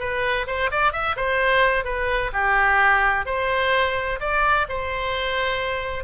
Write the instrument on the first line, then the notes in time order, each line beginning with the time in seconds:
oboe
0.00 B4
0.47 C5
0.72 D5
0.93 E5
1.17 C5
1.85 B4
2.33 G4
3.26 C5
4.20 D5
4.69 C5